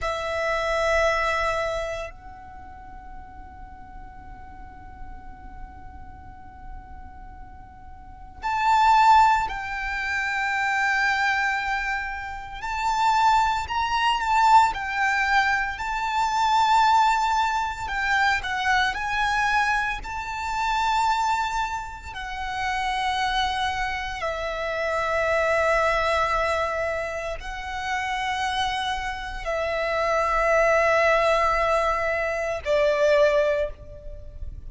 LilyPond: \new Staff \with { instrumentName = "violin" } { \time 4/4 \tempo 4 = 57 e''2 fis''2~ | fis''1 | a''4 g''2. | a''4 ais''8 a''8 g''4 a''4~ |
a''4 g''8 fis''8 gis''4 a''4~ | a''4 fis''2 e''4~ | e''2 fis''2 | e''2. d''4 | }